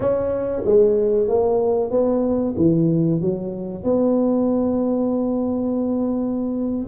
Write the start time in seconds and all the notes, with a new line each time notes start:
0.00 C#4
0.64 G#3
1.28 A#3
1.91 B3
2.56 E3
3.20 F#3
3.83 B3